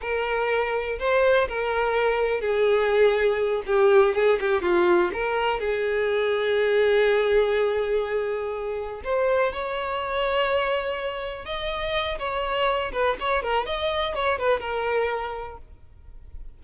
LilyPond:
\new Staff \with { instrumentName = "violin" } { \time 4/4 \tempo 4 = 123 ais'2 c''4 ais'4~ | ais'4 gis'2~ gis'8 g'8~ | g'8 gis'8 g'8 f'4 ais'4 gis'8~ | gis'1~ |
gis'2~ gis'8 c''4 cis''8~ | cis''2.~ cis''8 dis''8~ | dis''4 cis''4. b'8 cis''8 ais'8 | dis''4 cis''8 b'8 ais'2 | }